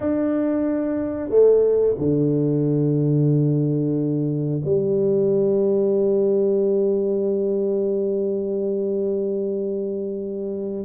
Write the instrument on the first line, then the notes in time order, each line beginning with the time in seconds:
tuba
0.00 D4
1.29 A3
1.98 D3
4.64 G3